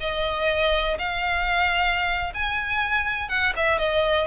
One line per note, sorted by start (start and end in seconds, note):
0.00 0.98 D#5
0.98 2.33 F5
2.34 3.28 G#5
3.28 3.53 F#5
3.56 3.78 E5
3.78 4.27 D#5